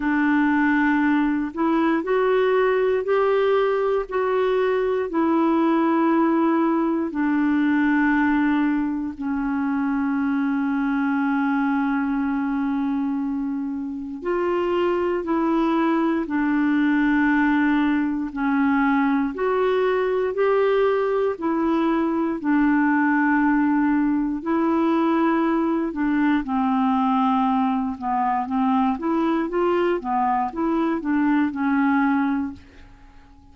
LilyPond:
\new Staff \with { instrumentName = "clarinet" } { \time 4/4 \tempo 4 = 59 d'4. e'8 fis'4 g'4 | fis'4 e'2 d'4~ | d'4 cis'2.~ | cis'2 f'4 e'4 |
d'2 cis'4 fis'4 | g'4 e'4 d'2 | e'4. d'8 c'4. b8 | c'8 e'8 f'8 b8 e'8 d'8 cis'4 | }